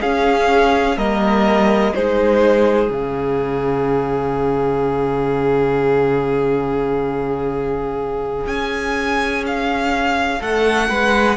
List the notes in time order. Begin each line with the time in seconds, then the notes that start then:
0.00 C#4 G#4 F5
0.97 G3 A#3 A#4 D#5
1.94 G#3 D#4 G#4 C5
2.89 C#3 C#4 F5
8.46 C#4 G#5
9.47 F5
10.39 A3 A4 F#5
10.89 G#3 B4